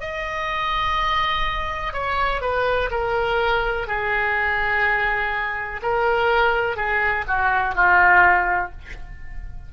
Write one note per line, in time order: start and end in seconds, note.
0.00 1.93 D#5
1.93 2.41 C#5
2.41 2.89 B4
2.91 3.87 A#4
3.87 5.81 G#4
5.82 6.76 A#4
6.76 7.24 G#4
7.27 7.75 F#4
7.75 8.71 F4